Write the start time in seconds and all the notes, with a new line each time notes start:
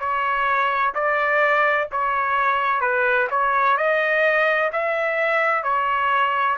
0.00 C#5
0.95 D5
1.92 C#5
2.81 B4
3.31 C#5
3.77 D#5
4.73 E5
5.63 C#5